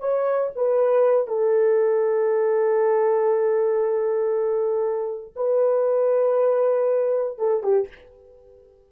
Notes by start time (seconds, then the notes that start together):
0.00 C#5
0.56 B4
1.28 A4
5.36 B4
7.39 A4
7.63 G4